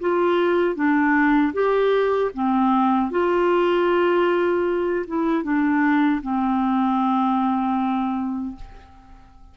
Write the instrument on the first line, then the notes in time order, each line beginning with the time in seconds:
clarinet
0.00 F4
0.75 D4
1.53 G4
2.34 C4
3.11 F4
5.07 E4
5.43 D4
6.22 C4